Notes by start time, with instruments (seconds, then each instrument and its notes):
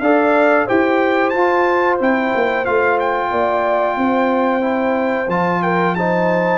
0.00 tuba D4, trombone A4, horn D5, trumpet F5
0.66 tuba E4, trombone G4, horn C5, trumpet G5
1.30 trombone F4, tuba F4, trumpet A5
2.00 tuba C4, trombone E4, trumpet G5
2.35 tuba A#3
2.65 tuba A3, trombone F4, trumpet F5
3.00 trumpet G5
3.31 tuba A#3, horn D5
3.97 tuba C4, horn C5
4.61 trombone E4
5.28 tuba F3, trombone F4, trumpet A5
5.63 horn A#4, trumpet G5
5.95 trombone D#4, horn C5, trumpet A5